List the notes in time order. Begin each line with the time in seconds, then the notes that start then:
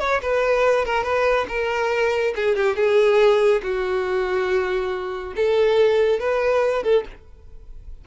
0.00 C#5
0.22 B4
0.86 A#4
1.04 B4
1.49 A#4
2.36 G#4
2.57 G4
2.76 G#4
3.63 F#4
5.36 A4
6.20 B4
6.84 A4